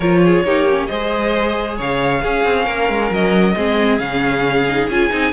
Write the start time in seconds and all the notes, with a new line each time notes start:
0.00 F3 F4 A#4 C#5
0.24 G#4
0.44 A#3 D#4 G4
0.69 C#4
0.87 G#3 G#4 C5 D#5
1.77 C#3 C#5 F5
2.21 C#4 G#4
2.44 C4
2.64 A#3 A#4
2.89 G#3
3.10 F#3 D#5
3.56 G#3 C4 G#4
3.98 C#3 C#4 F5
4.69 D#4
4.88 C#4 F4 G#5
5.10 C4 D#4